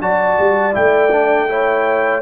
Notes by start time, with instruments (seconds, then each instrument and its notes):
0.00 tuba F#3, trombone F#4, horn D5, trumpet A5
0.39 tuba G3
0.72 tuba A3, trombone E4, trumpet G5
1.11 trombone D4
1.49 trombone E4, horn C#5